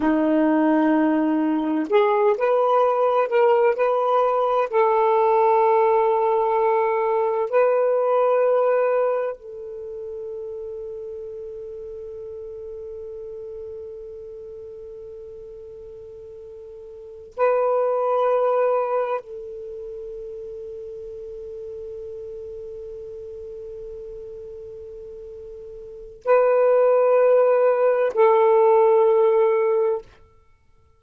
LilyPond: \new Staff \with { instrumentName = "saxophone" } { \time 4/4 \tempo 4 = 64 dis'2 gis'8 b'4 ais'8 | b'4 a'2. | b'2 a'2~ | a'1~ |
a'2~ a'8 b'4.~ | b'8 a'2.~ a'8~ | a'1 | b'2 a'2 | }